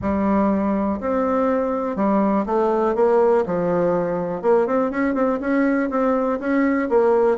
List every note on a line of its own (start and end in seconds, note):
0.01 1.00 G3
1.00 1.96 C4
1.96 2.45 G3
2.46 2.95 A3
2.95 3.44 A#3
3.46 4.42 F3
4.42 4.66 A#3
4.66 4.90 C4
4.90 5.14 C#4
5.14 5.39 C4
5.40 5.89 C#4
5.90 6.39 C4
6.39 6.89 C#4
6.89 7.37 A#3